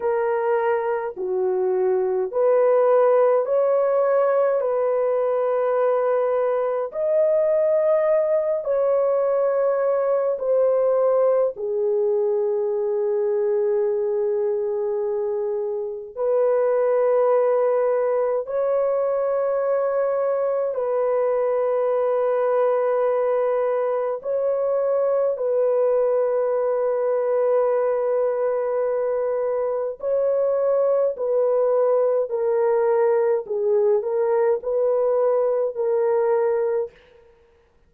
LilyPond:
\new Staff \with { instrumentName = "horn" } { \time 4/4 \tempo 4 = 52 ais'4 fis'4 b'4 cis''4 | b'2 dis''4. cis''8~ | cis''4 c''4 gis'2~ | gis'2 b'2 |
cis''2 b'2~ | b'4 cis''4 b'2~ | b'2 cis''4 b'4 | ais'4 gis'8 ais'8 b'4 ais'4 | }